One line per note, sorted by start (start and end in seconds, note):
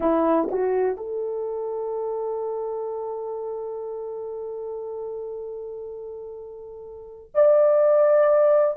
0.00 0.49 E4
0.51 0.96 F#4
0.96 7.30 A4
7.34 8.76 D5